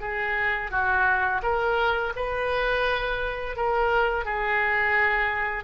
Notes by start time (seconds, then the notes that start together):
0.00 G#4
0.71 F#4
1.42 A#4
2.16 B4
3.56 A#4
4.25 G#4